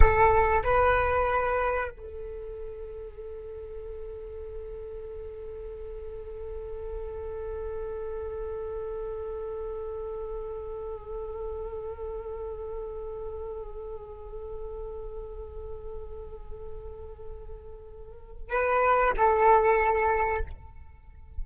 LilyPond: \new Staff \with { instrumentName = "flute" } { \time 4/4 \tempo 4 = 94 a'4 b'2 a'4~ | a'1~ | a'1~ | a'1~ |
a'1~ | a'1~ | a'1~ | a'4 b'4 a'2 | }